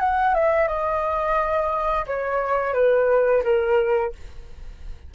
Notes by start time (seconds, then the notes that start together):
0.00 F#5
0.34 E5
0.68 D#5
2.07 C#5
2.74 B4
3.44 A#4